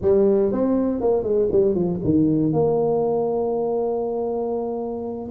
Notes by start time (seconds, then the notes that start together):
0.01 G3
0.52 C4
1.00 A#3
1.23 G#3
1.51 G3
1.74 F3
2.04 D#3
2.52 A#3